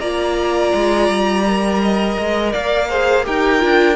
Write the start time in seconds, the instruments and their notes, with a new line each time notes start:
0.00 cello A#3, viola F4, violin D5 A#5
0.74 cello G#3
1.09 cello G3
1.47 viola A#4
1.83 violin D#5
2.18 cello G#3
2.52 cello A#3, violin D5 F5
2.89 viola G#4, violin C5
3.24 cello D#4, viola G4, violin A#4 G5
3.59 cello D4, viola F4